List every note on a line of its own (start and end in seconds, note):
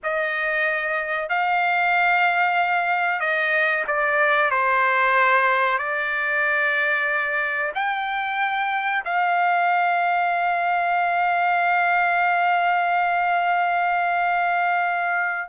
0.03 1.29 D#5
1.29 3.19 F5
3.19 3.84 D#5
3.87 4.50 D5
4.50 5.78 C5
5.78 7.72 D5
7.74 9.04 G5
9.05 15.48 F5